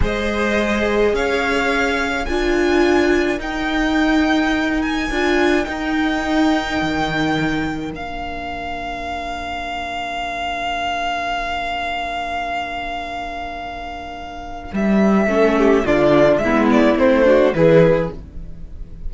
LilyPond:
<<
  \new Staff \with { instrumentName = "violin" } { \time 4/4 \tempo 4 = 106 dis''2 f''2 | gis''2 g''2~ | g''8 gis''4. g''2~ | g''2 f''2~ |
f''1~ | f''1~ | f''2 e''2 | d''4 e''8 d''8 c''4 b'4 | }
  \new Staff \with { instrumentName = "violin" } { \time 4/4 c''2 cis''2 | ais'1~ | ais'1~ | ais'1~ |
ais'1~ | ais'1~ | ais'2. a'8 g'8 | f'4 e'4. fis'8 gis'4 | }
  \new Staff \with { instrumentName = "viola" } { \time 4/4 gis'1 | f'2 dis'2~ | dis'4 f'4 dis'2~ | dis'2 d'2~ |
d'1~ | d'1~ | d'2. cis'4 | d'4 b4 c'8 d'8 e'4 | }
  \new Staff \with { instrumentName = "cello" } { \time 4/4 gis2 cis'2 | d'2 dis'2~ | dis'4 d'4 dis'2 | dis2 ais2~ |
ais1~ | ais1~ | ais2 g4 a4 | d4 gis4 a4 e4 | }
>>